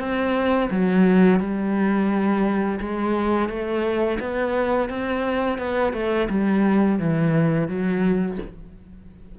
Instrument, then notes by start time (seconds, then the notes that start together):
cello
0.00 C4
0.71 F#3
1.40 G3
2.81 G#3
3.49 A3
4.21 B3
4.90 C4
5.59 B3
5.94 A3
6.30 G3
7.00 E3
7.69 F#3